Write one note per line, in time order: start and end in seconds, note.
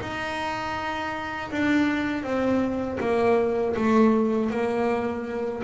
0.00 1.50 D#4
1.50 2.23 D4
2.23 2.98 C4
3.00 3.75 A#3
3.76 4.50 A3
4.50 5.62 A#3